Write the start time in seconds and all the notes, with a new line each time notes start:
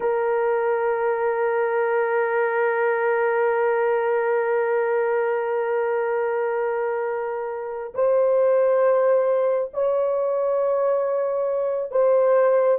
0.00 A#4
7.94 C5
9.73 C#5
11.91 C5